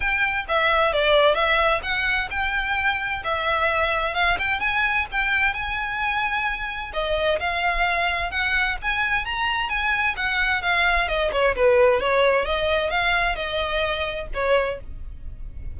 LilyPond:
\new Staff \with { instrumentName = "violin" } { \time 4/4 \tempo 4 = 130 g''4 e''4 d''4 e''4 | fis''4 g''2 e''4~ | e''4 f''8 g''8 gis''4 g''4 | gis''2. dis''4 |
f''2 fis''4 gis''4 | ais''4 gis''4 fis''4 f''4 | dis''8 cis''8 b'4 cis''4 dis''4 | f''4 dis''2 cis''4 | }